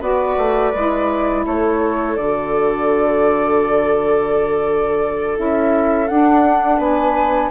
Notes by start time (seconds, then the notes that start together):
0.00 B3 F#4 B4 D5
0.37 A3
0.74 G#3 E4
1.46 A3 A4 C#5
2.16 D3 F#4 D5
5.35 C#4 E4 E5
6.08 D4 F#5
6.78 B3 B4 G#5